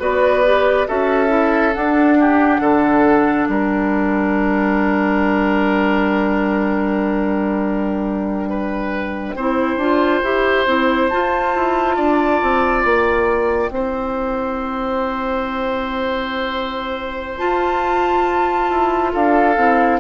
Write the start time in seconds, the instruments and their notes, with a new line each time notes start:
0.00 bassoon B3, clarinet F#4, oboe B4, flute D5
0.45 clarinet G4
0.87 bassoon C#4, clarinet F#4, oboe A4, flute E5
1.28 clarinet E4
1.74 clarinet D4, bassoon D4, flute F#5
2.19 oboe G4
2.60 bassoon D3, oboe A4
3.46 bassoon G3, oboe A#4, flute G5
8.49 oboe B4
9.36 bassoon C4, clarinet E4, oboe C5
9.77 bassoon D4, clarinet F4
10.24 bassoon E4, clarinet G4
10.66 bassoon C4, clarinet E4
11.09 clarinet F4, bassoon F4, flute A5
11.56 bassoon E4
11.96 bassoon D4, oboe D5
12.42 bassoon C4
12.83 bassoon A#3, flute G5
13.70 bassoon C4, clarinet E4, oboe C5
17.38 clarinet F4, bassoon F4, flute A5
18.70 bassoon E4
19.13 bassoon D4, oboe A4, flute F5
19.57 bassoon C4, clarinet E4